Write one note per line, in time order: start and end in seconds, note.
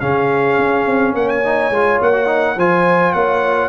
0.00 0.58 C#3
0.00 1.44 C#4
0.00 1.14 G#4
0.00 1.15 F5
0.58 0.87 C#4
0.87 1.14 C4
1.14 1.71 A#3
1.14 2.57 C#5
1.14 1.29 F#5
1.29 2.00 G#5
1.44 1.73 D#4
1.71 1.99 G#3
1.71 2.14 F4
2.01 2.57 A#3
2.01 2.60 F#5
2.14 2.27 F#4
2.27 2.56 D#4
2.57 3.14 F3
2.57 3.69 F4
2.57 3.14 C5
2.57 3.13 G#5
3.13 3.69 A#3
3.13 3.69 C#5
3.13 3.69 F#5